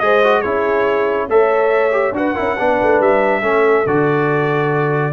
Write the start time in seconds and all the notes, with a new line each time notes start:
0.00 G#3 G#4 C5 D#5
0.24 F#4
0.42 C#4 E4 G#4 C#5
1.29 A3 A4 C#5 E5
1.92 G4
2.12 D4 F#4 B4 F#5
2.35 C#4 E4 A#4
2.56 B3 D4 B4
2.82 A3
3.00 G3 E5
3.42 A3 C#4 A4
3.87 D3 F#4 D5